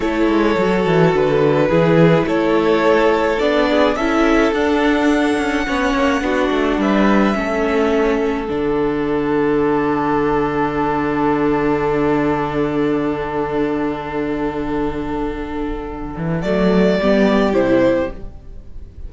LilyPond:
<<
  \new Staff \with { instrumentName = "violin" } { \time 4/4 \tempo 4 = 106 cis''2 b'2 | cis''2 d''4 e''4 | fis''1 | e''2. fis''4~ |
fis''1~ | fis''1~ | fis''1~ | fis''4 d''2 c''4 | }
  \new Staff \with { instrumentName = "violin" } { \time 4/4 a'2. gis'4 | a'2~ a'8 gis'8 a'4~ | a'2 cis''4 fis'4 | b'4 a'2.~ |
a'1~ | a'1~ | a'1~ | a'2 g'2 | }
  \new Staff \with { instrumentName = "viola" } { \time 4/4 e'4 fis'2 e'4~ | e'2 d'4 e'4 | d'2 cis'4 d'4~ | d'4 cis'2 d'4~ |
d'1~ | d'1~ | d'1~ | d'4 a4 b4 e'4 | }
  \new Staff \with { instrumentName = "cello" } { \time 4/4 a8 gis8 fis8 e8 d4 e4 | a2 b4 cis'4 | d'4. cis'8 b8 ais8 b8 a8 | g4 a2 d4~ |
d1~ | d1~ | d1~ | d8 e8 fis4 g4 c4 | }
>>